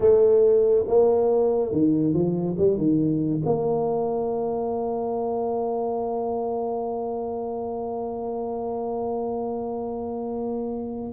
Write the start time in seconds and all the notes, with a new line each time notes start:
0.00 A3
0.87 A#3
1.71 D#3
2.13 F3
2.58 G3
2.77 D#3
3.45 A#3